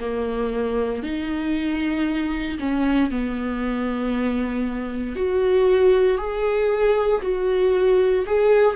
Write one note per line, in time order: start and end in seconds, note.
0.00 1.03 A#3
1.03 2.58 D#4
2.60 3.11 C#4
3.11 5.16 B3
5.16 6.18 F#4
6.18 7.21 G#4
7.22 8.26 F#4
8.26 8.76 G#4